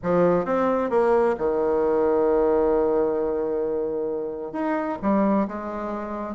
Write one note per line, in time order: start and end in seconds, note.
0.02 0.45 F3
0.45 0.90 C4
0.90 1.35 A#3
1.38 4.52 D#3
4.52 4.98 D#4
5.01 5.47 G3
5.47 6.35 G#3